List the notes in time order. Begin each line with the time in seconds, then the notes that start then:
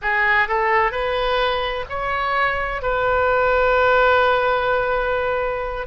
0.02 G#4
0.48 A4
0.91 B4
1.89 C#5
2.82 B4